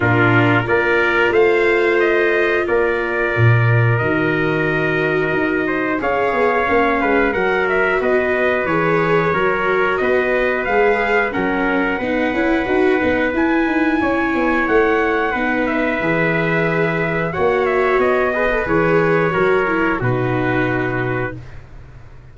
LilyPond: <<
  \new Staff \with { instrumentName = "trumpet" } { \time 4/4 \tempo 4 = 90 ais'4 d''4 f''4 dis''4 | d''2 dis''2~ | dis''4 f''2 fis''8 e''8 | dis''4 cis''2 dis''4 |
f''4 fis''2. | gis''2 fis''4. e''8~ | e''2 fis''8 e''8 dis''4 | cis''2 b'2 | }
  \new Staff \with { instrumentName = "trumpet" } { \time 4/4 f'4 ais'4 c''2 | ais'1~ | ais'8 c''8 cis''4. b'8 ais'4 | b'2 ais'4 b'4~ |
b'4 ais'4 b'2~ | b'4 cis''2 b'4~ | b'2 cis''4. b'8~ | b'4 ais'4 fis'2 | }
  \new Staff \with { instrumentName = "viola" } { \time 4/4 d'4 f'2.~ | f'2 fis'2~ | fis'4 gis'4 cis'4 fis'4~ | fis'4 gis'4 fis'2 |
gis'4 cis'4 dis'8 e'8 fis'8 dis'8 | e'2. dis'4 | gis'2 fis'4. gis'16 a'16 | gis'4 fis'8 e'8 dis'2 | }
  \new Staff \with { instrumentName = "tuba" } { \time 4/4 ais,4 ais4 a2 | ais4 ais,4 dis2 | dis'4 cis'8 b8 ais8 gis8 fis4 | b4 e4 fis4 b4 |
gis4 fis4 b8 cis'8 dis'8 b8 | e'8 dis'8 cis'8 b8 a4 b4 | e2 ais4 b4 | e4 fis4 b,2 | }
>>